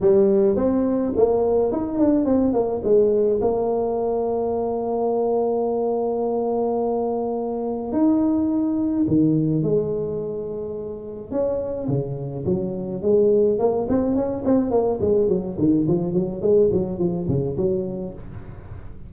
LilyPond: \new Staff \with { instrumentName = "tuba" } { \time 4/4 \tempo 4 = 106 g4 c'4 ais4 dis'8 d'8 | c'8 ais8 gis4 ais2~ | ais1~ | ais2 dis'2 |
dis4 gis2. | cis'4 cis4 fis4 gis4 | ais8 c'8 cis'8 c'8 ais8 gis8 fis8 dis8 | f8 fis8 gis8 fis8 f8 cis8 fis4 | }